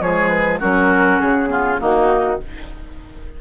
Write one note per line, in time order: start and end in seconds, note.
0.00 0.59 F3
0.00 0.61 G#3
0.00 0.60 G#4
0.00 0.28 C#5
0.28 0.58 B4
0.60 1.20 F#3
0.60 1.47 C#4
0.60 1.49 F#4
0.60 1.20 A#4
1.20 1.80 C#3
1.20 1.79 G#4
1.47 1.76 B3
1.47 1.80 F4
1.78 2.40 D#3
1.78 2.37 A#3
1.78 2.40 D#4
1.78 2.41 F#4